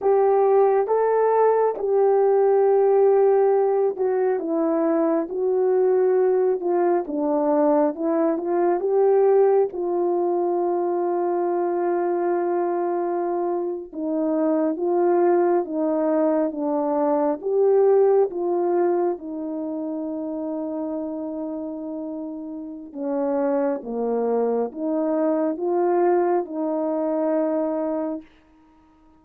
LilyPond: \new Staff \with { instrumentName = "horn" } { \time 4/4 \tempo 4 = 68 g'4 a'4 g'2~ | g'8 fis'8 e'4 fis'4. f'8 | d'4 e'8 f'8 g'4 f'4~ | f'2.~ f'8. dis'16~ |
dis'8. f'4 dis'4 d'4 g'16~ | g'8. f'4 dis'2~ dis'16~ | dis'2 cis'4 ais4 | dis'4 f'4 dis'2 | }